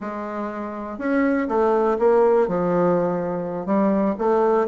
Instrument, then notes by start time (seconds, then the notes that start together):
bassoon
0.00 G#3
0.98 C#4
1.48 A3
1.99 A#3
2.47 F3
3.66 G3
4.18 A3